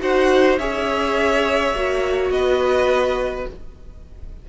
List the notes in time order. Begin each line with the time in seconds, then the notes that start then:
0.00 D#4 F#4 C5 F#5
0.58 C#4 G#4 C#5 E5
1.73 A#3 F#4
2.30 B3 B4 D#5